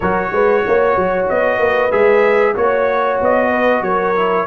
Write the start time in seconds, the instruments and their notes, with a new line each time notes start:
0.00 tuba F#3, trombone F#4, horn A#4, trumpet C#5
0.31 tuba G#3, horn B4
0.65 tuba A#3, horn C#5
0.96 tuba F#3
1.28 tuba B3, trumpet D#5
1.58 tuba A#3, horn B4
1.91 tuba G#3, trombone G#4, trumpet E5
2.54 tuba A#3, trombone F#4, horn C#5, trumpet C#5
3.20 tuba B3, trumpet D#5
3.49 horn B4
3.81 tuba F#3, horn A#4, trumpet C#5
4.15 trombone E4